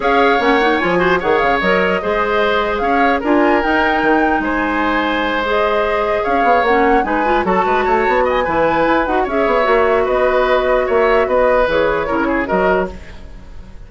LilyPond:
<<
  \new Staff \with { instrumentName = "flute" } { \time 4/4 \tempo 4 = 149 f''4 fis''4 gis''4 fis''8 f''8 | dis''2. f''4 | gis''4 g''2 gis''4~ | gis''4. dis''2 f''8~ |
f''8 fis''4 gis''4 a''4.~ | a''8 gis''2 fis''8 e''4~ | e''4 dis''2 e''4 | dis''4 cis''2 dis''4 | }
  \new Staff \with { instrumentName = "oboe" } { \time 4/4 cis''2~ cis''8 c''8 cis''4~ | cis''4 c''2 cis''4 | ais'2. c''4~ | c''2.~ c''8 cis''8~ |
cis''4. b'4 a'8 b'8 cis''8~ | cis''8 dis''8 b'2 cis''4~ | cis''4 b'2 cis''4 | b'2 ais'8 gis'8 ais'4 | }
  \new Staff \with { instrumentName = "clarinet" } { \time 4/4 gis'4 cis'8 dis'8 f'8 fis'8 gis'4 | ais'4 gis'2. | f'4 dis'2.~ | dis'4. gis'2~ gis'8~ |
gis'8 cis'4 dis'8 f'8 fis'4.~ | fis'4 e'4. fis'8 gis'4 | fis'1~ | fis'4 gis'4 e'4 fis'4 | }
  \new Staff \with { instrumentName = "bassoon" } { \time 4/4 cis'4 ais4 f4 dis8 cis8 | fis4 gis2 cis'4 | d'4 dis'4 dis4 gis4~ | gis2.~ gis8 cis'8 |
b8 ais4 gis4 fis8 gis8 a8 | b4 e4 e'8 dis'8 cis'8 b8 | ais4 b2 ais4 | b4 e4 cis4 fis4 | }
>>